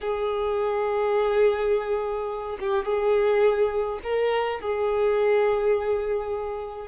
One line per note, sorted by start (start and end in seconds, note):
0.01 2.58 G#4
2.60 2.85 G4
2.85 3.99 G#4
4.03 4.60 A#4
4.60 6.87 G#4